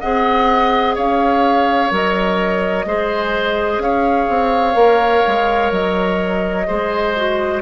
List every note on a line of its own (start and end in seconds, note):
0.00 0.97 C4
0.00 1.90 G#4
0.00 0.95 D#5
0.00 0.95 F#5
0.95 1.91 C#4
0.95 2.85 C#5
0.95 1.92 F5
1.90 2.85 F#3
1.90 2.85 A#4
1.90 3.81 D#5
2.85 3.78 G#3
2.85 4.73 G#4
2.85 3.83 C5
3.78 4.26 C#4
3.78 6.67 C#5
3.78 5.72 F5
4.28 4.75 C4
4.73 5.22 A#3
4.73 6.64 A#4
5.27 5.71 G#3
5.71 6.66 F#3
5.71 7.62 D#5
6.66 7.62 G#3
6.66 7.13 G#4
6.66 7.62 C5
7.16 7.62 F#4